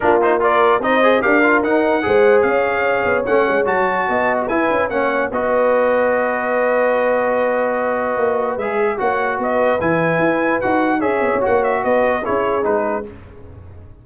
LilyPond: <<
  \new Staff \with { instrumentName = "trumpet" } { \time 4/4 \tempo 4 = 147 ais'8 c''8 d''4 dis''4 f''4 | fis''2 f''2 | fis''4 a''4.~ a''16 fis'16 gis''4 | fis''4 dis''2.~ |
dis''1~ | dis''4 e''4 fis''4 dis''4 | gis''2 fis''4 e''4 | fis''8 e''8 dis''4 cis''4 b'4 | }
  \new Staff \with { instrumentName = "horn" } { \time 4/4 f'4 ais'4 c''4 ais'4~ | ais'4 c''4 cis''2~ | cis''2 dis''4 b'4 | cis''4 b'2.~ |
b'1~ | b'2 cis''4 b'4~ | b'2. cis''4~ | cis''4 b'4 gis'2 | }
  \new Staff \with { instrumentName = "trombone" } { \time 4/4 d'8 dis'8 f'4 dis'8 gis'8 g'8 f'8 | dis'4 gis'2. | cis'4 fis'2 e'4 | cis'4 fis'2.~ |
fis'1~ | fis'4 gis'4 fis'2 | e'2 fis'4 gis'4 | fis'2 e'4 dis'4 | }
  \new Staff \with { instrumentName = "tuba" } { \time 4/4 ais2 c'4 d'4 | dis'4 gis4 cis'4. b8 | a8 gis8 fis4 b4 e'8 cis'8 | ais4 b2.~ |
b1 | ais4 gis4 ais4 b4 | e4 e'4 dis'4 cis'8 b16 cis'16 | ais4 b4 cis'4 gis4 | }
>>